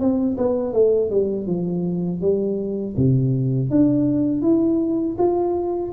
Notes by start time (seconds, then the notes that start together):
0.00 C4
0.38 B3
0.73 A3
1.10 G3
1.47 F3
2.21 G3
2.97 C3
3.71 D4
4.42 E4
5.19 F4